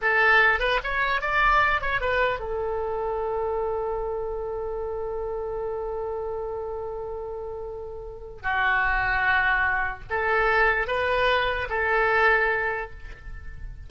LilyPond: \new Staff \with { instrumentName = "oboe" } { \time 4/4 \tempo 4 = 149 a'4. b'8 cis''4 d''4~ | d''8 cis''8 b'4 a'2~ | a'1~ | a'1~ |
a'1~ | a'4 fis'2.~ | fis'4 a'2 b'4~ | b'4 a'2. | }